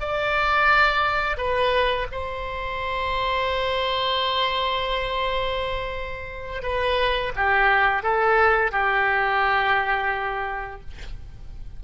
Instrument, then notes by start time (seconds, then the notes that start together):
oboe
0.00 D5
1.37 B4
2.12 C5
6.62 B4
7.36 G4
8.03 A4
8.72 G4